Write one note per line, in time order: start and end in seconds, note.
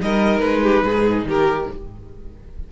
0.00 0.41 G3
0.00 1.69 D#4
0.00 0.62 A#4
0.00 0.39 D#5
0.39 0.83 G#3
0.39 1.23 B4
0.62 0.84 G4
0.83 1.24 G#2
0.83 1.26 G#4
1.24 1.66 D#3
1.24 1.70 G4
1.24 1.72 A#4